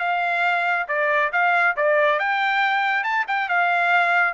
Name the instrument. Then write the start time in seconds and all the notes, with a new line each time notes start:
trumpet
0.00 F5
0.88 D5
1.33 F5
1.77 D5
2.20 G5
3.04 A5
3.28 G5
3.49 F5